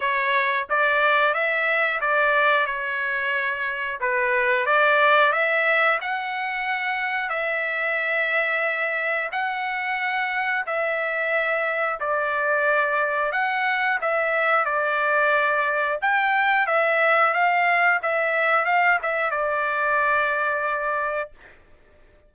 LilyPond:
\new Staff \with { instrumentName = "trumpet" } { \time 4/4 \tempo 4 = 90 cis''4 d''4 e''4 d''4 | cis''2 b'4 d''4 | e''4 fis''2 e''4~ | e''2 fis''2 |
e''2 d''2 | fis''4 e''4 d''2 | g''4 e''4 f''4 e''4 | f''8 e''8 d''2. | }